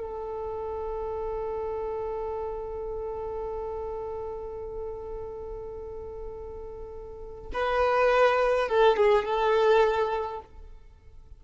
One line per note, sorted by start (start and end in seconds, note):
0.00 7.50 A4
7.53 8.68 B4
8.68 8.96 A4
8.96 9.25 G#4
9.25 10.40 A4